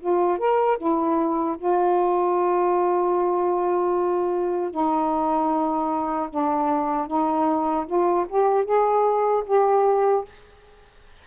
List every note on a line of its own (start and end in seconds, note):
0.00 0.38 F4
0.38 0.78 A#4
0.78 1.57 E4
1.58 4.71 F4
4.71 6.29 D#4
6.30 7.07 D4
7.07 7.86 D#4
7.87 8.26 F4
8.29 8.65 G4
8.65 9.44 G#4
9.46 10.25 G4